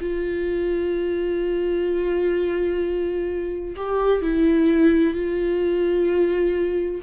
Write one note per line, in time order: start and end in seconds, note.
0.00 3.75 F4
3.76 4.21 G4
4.21 5.13 E4
5.13 7.01 F4